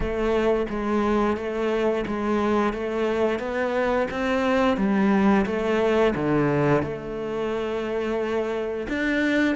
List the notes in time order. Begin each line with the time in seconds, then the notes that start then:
0.00 A3
0.69 G#3
1.36 A3
2.06 G#3
2.73 A3
3.39 B3
4.10 C4
4.77 G3
5.45 A3
6.15 D3
6.82 A3
8.88 D4